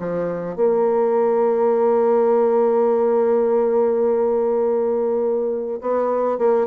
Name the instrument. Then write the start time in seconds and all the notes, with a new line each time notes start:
bassoon
0.00 F3
0.56 A#3
5.81 B3
6.38 A#3